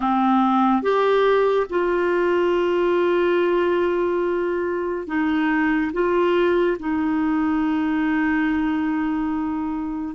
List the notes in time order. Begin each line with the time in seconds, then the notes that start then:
0.00 C4
0.82 G4
1.69 F4
5.07 D#4
5.92 F4
6.79 D#4